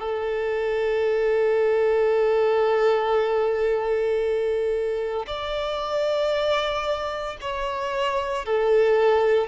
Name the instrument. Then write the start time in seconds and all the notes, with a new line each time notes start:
violin
0.00 A4
5.27 D5
7.41 C#5
8.46 A4